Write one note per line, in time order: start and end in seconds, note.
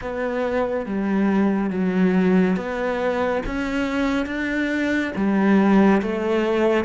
0.01 0.86 B3
0.86 1.70 G3
1.70 2.56 F#3
2.56 3.42 B3
3.46 4.25 C#4
4.25 5.11 D4
5.15 6.01 G3
6.02 6.85 A3